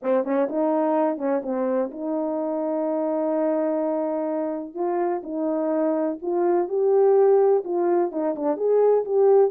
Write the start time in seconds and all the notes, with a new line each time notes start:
0.02 C4
0.24 C#4
0.49 D#4
1.17 C#4
1.42 C4
1.91 D#4
4.74 F4
5.23 D#4
6.22 F4
6.68 G4
7.64 F4
8.11 D#4
8.35 D4
8.56 G#4
9.04 G4